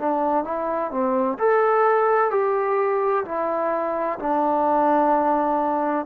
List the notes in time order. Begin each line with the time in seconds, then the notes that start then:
0.00 D4
0.44 E4
0.91 C4
1.39 A4
2.31 G4
3.25 E4
4.19 D4